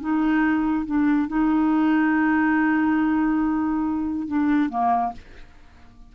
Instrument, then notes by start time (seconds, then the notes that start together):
clarinet
0.00 D#4
0.86 D4
1.28 D#4
4.27 D4
4.69 A#3